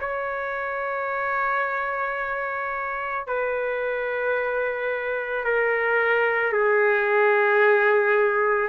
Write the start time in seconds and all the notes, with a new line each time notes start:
0.00 C#5
3.27 B4
5.44 A#4
6.53 G#4